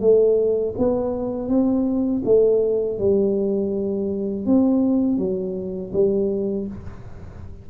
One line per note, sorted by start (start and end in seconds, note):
0.00 0.74 A3
0.77 1.48 B3
1.48 2.22 C4
2.25 2.99 A3
2.99 4.46 G3
4.46 5.18 C4
5.18 5.92 F#3
5.93 6.67 G3